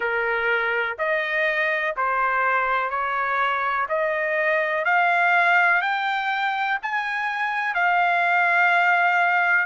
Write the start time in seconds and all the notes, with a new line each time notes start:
0.00 A#4
0.98 D#5
1.96 C5
2.90 C#5
3.88 D#5
4.84 F5
5.81 G5
6.82 G#5
7.74 F5